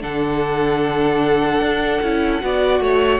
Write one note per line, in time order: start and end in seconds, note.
0.00 1.60 D3
0.00 2.00 D4
0.00 2.42 A4
0.00 3.20 F#5
1.60 2.00 D4
2.02 2.42 C#4
2.02 2.41 E4
2.41 2.80 B3
2.41 3.20 F#4
2.41 2.82 D5
2.80 3.20 A3
2.80 3.20 C#5